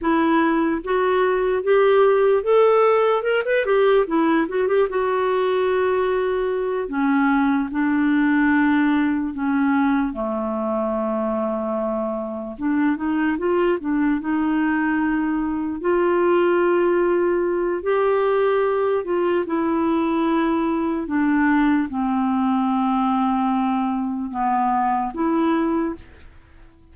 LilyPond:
\new Staff \with { instrumentName = "clarinet" } { \time 4/4 \tempo 4 = 74 e'4 fis'4 g'4 a'4 | ais'16 b'16 g'8 e'8 fis'16 g'16 fis'2~ | fis'8 cis'4 d'2 cis'8~ | cis'8 a2. d'8 |
dis'8 f'8 d'8 dis'2 f'8~ | f'2 g'4. f'8 | e'2 d'4 c'4~ | c'2 b4 e'4 | }